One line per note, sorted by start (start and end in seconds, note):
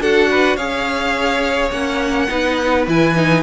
0.00 0.56 D4
0.00 0.58 F#4
0.00 0.29 A4
0.00 0.57 F#5
0.31 0.56 B4
0.56 1.71 C#4
0.56 1.72 G#4
0.56 2.28 C#5
0.56 1.71 F5
1.71 2.28 A#3
1.71 2.28 C#4
1.71 2.86 F#5
2.28 2.87 B3
2.28 2.86 D#4
2.28 3.43 B4
2.87 3.43 E3
2.87 3.15 E4
2.87 3.43 G#5
3.15 3.43 D#4